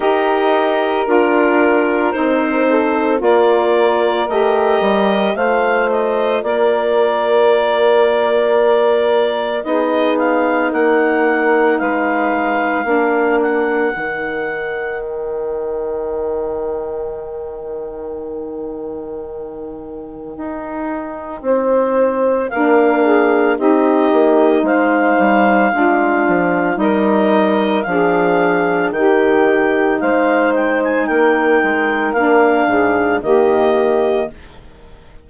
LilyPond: <<
  \new Staff \with { instrumentName = "clarinet" } { \time 4/4 \tempo 4 = 56 dis''4 ais'4 c''4 d''4 | dis''4 f''8 dis''8 d''2~ | d''4 dis''8 f''8 fis''4 f''4~ | f''8 fis''4. g''2~ |
g''1~ | g''4 f''4 dis''4 f''4~ | f''4 dis''4 f''4 g''4 | f''8 g''16 gis''16 g''4 f''4 dis''4 | }
  \new Staff \with { instrumentName = "saxophone" } { \time 4/4 ais'2~ ais'8 a'8 ais'4~ | ais'4 c''4 ais'2~ | ais'4 gis'4 ais'4 b'4 | ais'1~ |
ais'1 | c''4 ais'8 gis'8 g'4 c''4 | f'4 ais'4 gis'4 g'4 | c''4 ais'4. gis'8 g'4 | }
  \new Staff \with { instrumentName = "saxophone" } { \time 4/4 g'4 f'4 dis'4 f'4 | g'4 f'2.~ | f'4 dis'2. | d'4 dis'2.~ |
dis'1~ | dis'4 d'4 dis'2 | d'4 dis'4 d'4 dis'4~ | dis'2 d'4 ais4 | }
  \new Staff \with { instrumentName = "bassoon" } { \time 4/4 dis'4 d'4 c'4 ais4 | a8 g8 a4 ais2~ | ais4 b4 ais4 gis4 | ais4 dis2.~ |
dis2. dis'4 | c'4 ais4 c'8 ais8 gis8 g8 | gis8 f8 g4 f4 dis4 | gis4 ais8 gis8 ais8 gis,8 dis4 | }
>>